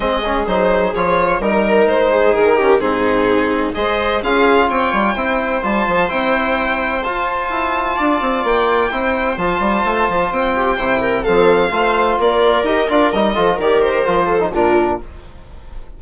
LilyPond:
<<
  \new Staff \with { instrumentName = "violin" } { \time 4/4 \tempo 4 = 128 dis''4 c''4 cis''4 ais'4 | c''4 ais'4 gis'2 | dis''4 f''4 g''2 | a''4 g''2 a''4~ |
a''2 g''2 | a''2 g''2 | f''2 d''4 dis''8 d''8 | dis''4 d''8 c''4. ais'4 | }
  \new Staff \with { instrumentName = "viola" } { \time 4/4 gis'2. ais'4~ | ais'8 gis'4 g'8 dis'2 | c''4 gis'4 cis''4 c''4~ | c''1~ |
c''4 d''2 c''4~ | c''2~ c''8 g'8 c''8 ais'8 | a'4 c''4 ais'2~ | ais'8 a'8 ais'4. a'8 f'4 | }
  \new Staff \with { instrumentName = "trombone" } { \time 4/4 c'8 cis'8 dis'4 f'4 dis'4~ | dis'4. cis'8 c'2 | gis'4 f'2 e'4 | f'4 e'2 f'4~ |
f'2. e'4 | f'2. e'4 | c'4 f'2 g'8 f'8 | dis'8 f'8 g'4 f'8. dis'16 d'4 | }
  \new Staff \with { instrumentName = "bassoon" } { \time 4/4 gis4 fis4 f4 g4 | gis4 dis4 gis,2 | gis4 cis'4 c'8 g8 c'4 | g8 f8 c'2 f'4 |
e'4 d'8 c'8 ais4 c'4 | f8 g8 a8 f8 c'4 c4 | f4 a4 ais4 dis'8 d'8 | g8 f8 dis4 f4 ais,4 | }
>>